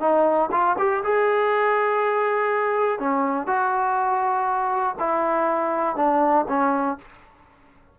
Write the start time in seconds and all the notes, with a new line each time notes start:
0.00 D#4
0.51 F4
0.78 G4
1.04 G#4
2.99 C#4
3.46 F#4
4.99 E4
5.96 D4
6.48 C#4